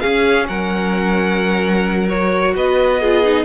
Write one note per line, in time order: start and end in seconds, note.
0.00 2.07 C#4
0.00 0.49 C#4
0.00 0.47 G#4
0.00 0.46 F5
0.48 2.55 F#3
0.48 2.54 A#4
0.48 2.08 F#5
2.08 3.00 F#4
2.08 2.54 C#5
2.55 3.45 B3
2.55 3.01 B4
2.55 3.45 D#5
3.01 3.24 F4
3.01 3.45 G#4
3.24 3.45 D#4